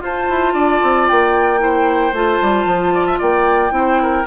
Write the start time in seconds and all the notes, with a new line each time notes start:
0.00 F4 C5 A5
0.30 E4
0.54 D4 D5
0.83 C4
1.08 A#3 G5
1.59 E4 C5
2.13 A3 F4 A5
2.42 G3
2.65 F3
2.94 D5
3.07 E5
3.19 A#3 D5 G5
3.71 C4 E4
3.77 C5
4.03 A#4